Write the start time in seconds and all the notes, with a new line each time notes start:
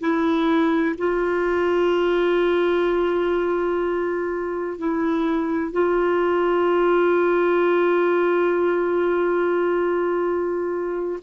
0.00 E4
0.97 F4
4.78 E4
5.72 F4